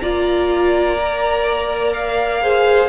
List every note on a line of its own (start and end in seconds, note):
0.00 2.90 A#3
0.00 0.99 F4
0.00 2.43 D5
0.00 1.94 A#5
1.00 2.42 A#4
1.94 2.90 F5
2.42 2.90 G#4
2.42 2.90 C5